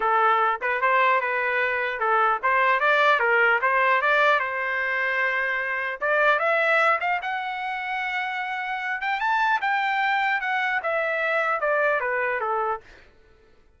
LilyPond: \new Staff \with { instrumentName = "trumpet" } { \time 4/4 \tempo 4 = 150 a'4. b'8 c''4 b'4~ | b'4 a'4 c''4 d''4 | ais'4 c''4 d''4 c''4~ | c''2. d''4 |
e''4. f''8 fis''2~ | fis''2~ fis''8 g''8 a''4 | g''2 fis''4 e''4~ | e''4 d''4 b'4 a'4 | }